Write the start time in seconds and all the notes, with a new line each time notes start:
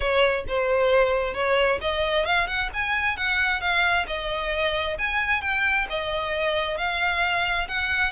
0.00 C#5
0.48 C5
1.33 C#5
1.81 D#5
2.25 F5
2.47 F#5
2.73 G#5
3.16 F#5
3.60 F5
4.07 D#5
4.98 G#5
5.41 G5
5.89 D#5
6.77 F5
7.68 F#5